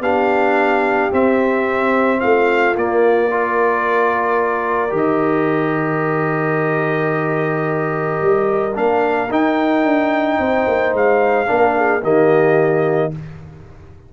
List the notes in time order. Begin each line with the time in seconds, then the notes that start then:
0.00 B3 D4 G4 F5
1.12 C4 E5
2.20 A3 F4 F5
2.75 A#3 D5
3.30 F4 A#4
4.89 D#3 G4
4.97 D#5
8.22 G3
8.74 A#3 D4 F5
9.30 D#4 G5
9.84 D4
10.39 C4 C5
10.67 A#3
10.93 G#3 F5
11.46 A#3 D4 A#4
11.77 G#4
12.02 D#3 A#3 G4 D#5